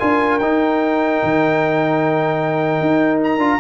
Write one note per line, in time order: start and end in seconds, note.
0.00 0.41 D4
0.00 0.41 F4
0.00 3.60 A#4
0.00 0.39 G#5
0.39 1.21 D#4
0.39 3.40 D#4
0.39 3.21 G5
1.23 2.81 D#3
2.81 3.38 D#4
3.24 3.60 A#5
3.38 3.58 D4
3.38 3.60 F4